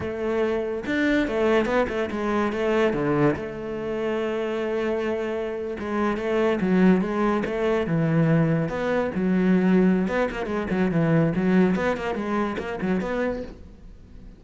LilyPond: \new Staff \with { instrumentName = "cello" } { \time 4/4 \tempo 4 = 143 a2 d'4 a4 | b8 a8 gis4 a4 d4 | a1~ | a4.~ a16 gis4 a4 fis16~ |
fis8. gis4 a4 e4~ e16~ | e8. b4 fis2~ fis16 | b8 ais8 gis8 fis8 e4 fis4 | b8 ais8 gis4 ais8 fis8 b4 | }